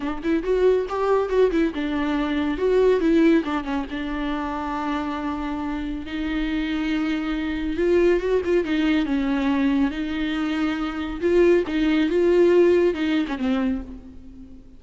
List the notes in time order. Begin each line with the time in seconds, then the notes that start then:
0.00 D4
0.23 E4
0.43 F#4
0.89 G4
1.29 F#4
1.51 E4
1.74 D4
2.57 F#4
3.00 E4
3.44 D4
3.64 C#4
3.90 D4
6.05 D#4
7.76 F4
8.20 F#4
8.44 F4
8.64 D#4
9.05 C#4
9.90 D#4
11.21 F4
11.67 D#4
12.09 F4
12.94 D#4
13.28 C#4
13.38 C4